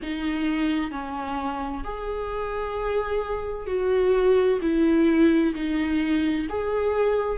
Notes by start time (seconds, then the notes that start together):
0.02 D#4
0.91 C#4
1.83 G#4
3.66 F#4
4.62 E4
5.54 D#4
6.49 G#4